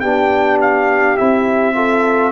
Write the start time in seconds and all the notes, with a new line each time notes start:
0.00 B3 D4 G4 G5
0.61 F5
1.17 C4 E4 E5
1.74 F4 A4